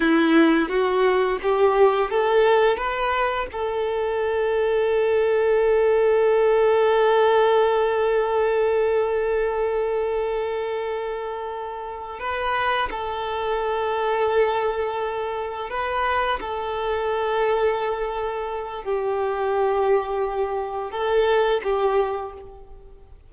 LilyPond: \new Staff \with { instrumentName = "violin" } { \time 4/4 \tempo 4 = 86 e'4 fis'4 g'4 a'4 | b'4 a'2.~ | a'1~ | a'1~ |
a'4. b'4 a'4.~ | a'2~ a'8 b'4 a'8~ | a'2. g'4~ | g'2 a'4 g'4 | }